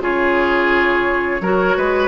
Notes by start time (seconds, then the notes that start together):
0.00 C#3 F4 G#4 C#5
1.41 F#3 F#4 A#4
1.77 G#3 B4